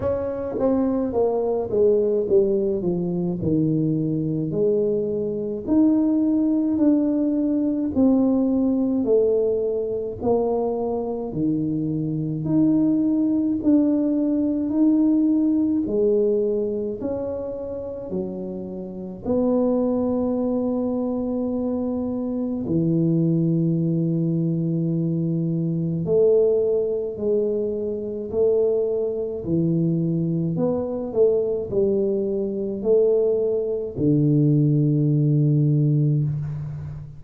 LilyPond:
\new Staff \with { instrumentName = "tuba" } { \time 4/4 \tempo 4 = 53 cis'8 c'8 ais8 gis8 g8 f8 dis4 | gis4 dis'4 d'4 c'4 | a4 ais4 dis4 dis'4 | d'4 dis'4 gis4 cis'4 |
fis4 b2. | e2. a4 | gis4 a4 e4 b8 a8 | g4 a4 d2 | }